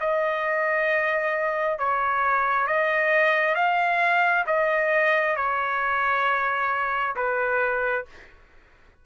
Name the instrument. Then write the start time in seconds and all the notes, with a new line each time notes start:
trumpet
0.00 D#5
1.79 C#5
2.67 D#5
3.55 F5
4.47 D#5
5.36 C#5
7.16 B4